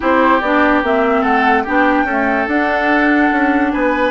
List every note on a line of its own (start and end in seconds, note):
0.00 0.41 C4
0.00 0.40 E4
0.00 1.21 G4
0.00 0.40 C5
0.40 0.83 B3
0.40 0.83 D4
0.40 0.82 D5
0.83 1.23 A#3
0.83 1.66 C4
0.83 1.23 E5
1.21 1.65 A3
1.21 1.62 A4
1.21 1.64 F#5
1.63 2.04 B3
1.63 2.07 D4
1.63 2.04 G4
1.63 2.48 G5
2.04 2.47 A3
2.04 2.45 C#4
2.04 3.71 A4
2.47 4.11 D4
2.47 3.30 D4
2.47 3.71 F#5
3.31 3.73 C#4
3.71 4.11 B3
3.71 4.11 B4
3.71 4.11 G#5